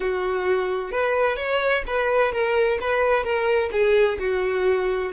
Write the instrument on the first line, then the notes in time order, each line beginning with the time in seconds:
violin
0.00 F#4
0.91 B4
1.36 C#5
1.86 B4
2.32 A#4
2.80 B4
3.23 A#4
3.72 G#4
4.19 F#4